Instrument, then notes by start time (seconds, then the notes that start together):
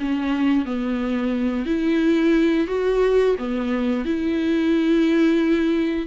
viola
0.00 C#4
0.66 B3
1.66 E4
2.68 F#4
3.38 B3
4.06 E4